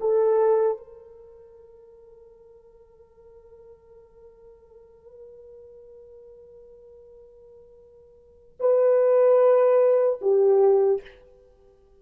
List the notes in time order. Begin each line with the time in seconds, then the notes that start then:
0.00 A4
0.77 A#4
8.60 B4
10.21 G4